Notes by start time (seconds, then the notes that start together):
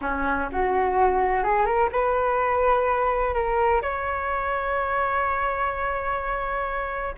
0.01 C#4
0.52 F#4
1.43 G#4
1.65 A#4
1.92 B4
3.33 A#4
3.82 C#5